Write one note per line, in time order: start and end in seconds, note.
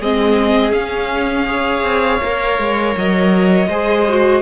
0.00 0.72 G#3
0.00 0.72 C4
0.00 1.48 G#4
0.00 0.73 D#5
0.72 1.46 C#4
0.72 1.82 C#4
0.72 2.95 F5
1.46 2.20 G#4
1.46 3.69 C#5
1.82 2.19 C4
2.21 2.59 A#3
2.21 3.69 A#4
2.59 2.96 G#3
2.97 3.67 F#3
2.97 4.42 D#5
3.67 4.41 G#3
3.67 4.08 G#4
3.67 4.42 C5
4.09 4.42 F#4